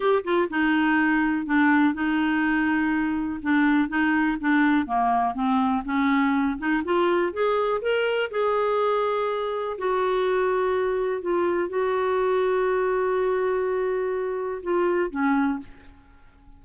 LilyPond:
\new Staff \with { instrumentName = "clarinet" } { \time 4/4 \tempo 4 = 123 g'8 f'8 dis'2 d'4 | dis'2. d'4 | dis'4 d'4 ais4 c'4 | cis'4. dis'8 f'4 gis'4 |
ais'4 gis'2. | fis'2. f'4 | fis'1~ | fis'2 f'4 cis'4 | }